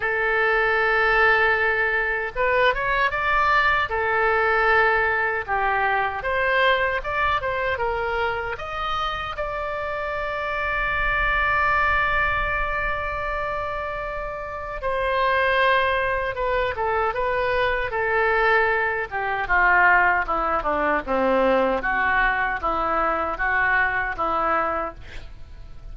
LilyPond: \new Staff \with { instrumentName = "oboe" } { \time 4/4 \tempo 4 = 77 a'2. b'8 cis''8 | d''4 a'2 g'4 | c''4 d''8 c''8 ais'4 dis''4 | d''1~ |
d''2. c''4~ | c''4 b'8 a'8 b'4 a'4~ | a'8 g'8 f'4 e'8 d'8 c'4 | fis'4 e'4 fis'4 e'4 | }